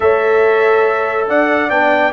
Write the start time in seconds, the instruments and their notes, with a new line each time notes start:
0.00 tuba A3, trombone A4, horn C#5, trumpet E5
1.27 tuba D4, horn D5, trumpet F#5
1.70 tuba B3, trombone D4, trumpet G5